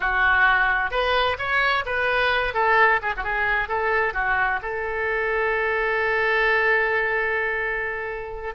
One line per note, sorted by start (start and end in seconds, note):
0.00 0.90 F#4
0.90 1.37 B4
1.38 1.84 C#5
1.85 2.54 B4
2.54 3.00 A4
3.02 3.13 G#4
3.16 3.23 F#4
3.23 3.68 G#4
3.68 4.13 A4
4.13 4.59 F#4
4.62 8.54 A4